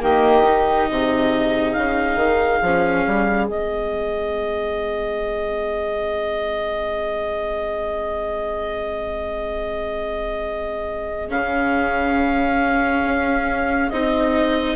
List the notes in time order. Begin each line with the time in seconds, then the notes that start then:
0.00 D#3 A#3 G4 D#5
0.45 D#4
0.90 C3 G#4
1.73 C#3 F5
2.16 D#3
2.62 F3 C#4
3.07 G3
3.48 G#3 C4 D#5
11.29 C#3 C#4 F5
13.04 C#4
13.90 C4 D#4 D#5